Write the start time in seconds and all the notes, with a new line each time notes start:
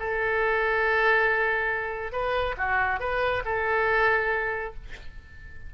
0.00 A4
2.13 B4
2.58 F#4
3.00 B4
3.45 A4